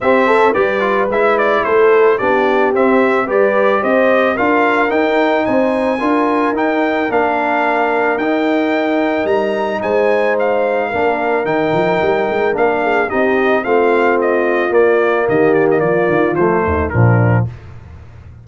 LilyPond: <<
  \new Staff \with { instrumentName = "trumpet" } { \time 4/4 \tempo 4 = 110 e''4 d''4 e''8 d''8 c''4 | d''4 e''4 d''4 dis''4 | f''4 g''4 gis''2 | g''4 f''2 g''4~ |
g''4 ais''4 gis''4 f''4~ | f''4 g''2 f''4 | dis''4 f''4 dis''4 d''4 | dis''8 d''16 dis''16 d''4 c''4 ais'4 | }
  \new Staff \with { instrumentName = "horn" } { \time 4/4 g'8 a'8 b'2 a'4 | g'2 b'4 c''4 | ais'2 c''4 ais'4~ | ais'1~ |
ais'2 c''2 | ais'2.~ ais'8 gis'8 | g'4 f'2. | g'4 f'4. dis'8 d'4 | }
  \new Staff \with { instrumentName = "trombone" } { \time 4/4 c'4 g'8 f'8 e'2 | d'4 c'4 g'2 | f'4 dis'2 f'4 | dis'4 d'2 dis'4~ |
dis'1 | d'4 dis'2 d'4 | dis'4 c'2 ais4~ | ais2 a4 f4 | }
  \new Staff \with { instrumentName = "tuba" } { \time 4/4 c'4 g4 gis4 a4 | b4 c'4 g4 c'4 | d'4 dis'4 c'4 d'4 | dis'4 ais2 dis'4~ |
dis'4 g4 gis2 | ais4 dis8 f8 g8 gis8 ais4 | c'4 a2 ais4 | dis4 f8 dis8 f8 dis,8 ais,4 | }
>>